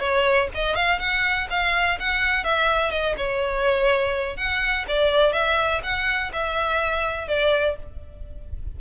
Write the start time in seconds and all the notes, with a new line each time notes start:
0.00 C#5
0.55 D#5
0.76 F5
1.00 F#5
1.50 F5
2.00 F#5
2.44 E5
2.91 D#5
3.18 C#5
4.37 F#5
4.88 D5
5.33 E5
5.84 F#5
6.33 E5
7.28 D5